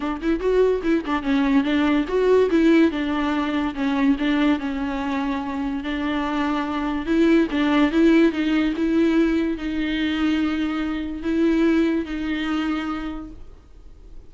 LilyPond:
\new Staff \with { instrumentName = "viola" } { \time 4/4 \tempo 4 = 144 d'8 e'8 fis'4 e'8 d'8 cis'4 | d'4 fis'4 e'4 d'4~ | d'4 cis'4 d'4 cis'4~ | cis'2 d'2~ |
d'4 e'4 d'4 e'4 | dis'4 e'2 dis'4~ | dis'2. e'4~ | e'4 dis'2. | }